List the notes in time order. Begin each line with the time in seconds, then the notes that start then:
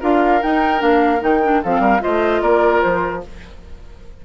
0.00 D4 F4 A#4 F5
0.42 D#4 G5
0.78 A#3 D4 F5
1.20 D#3 D#4 G5
1.43 D4
1.63 F3 C4 A4 F5
1.80 G3 A#4
2.00 F4 C5 D#5
2.06 A3
2.41 A#3 A#4 D5
2.81 F3 C5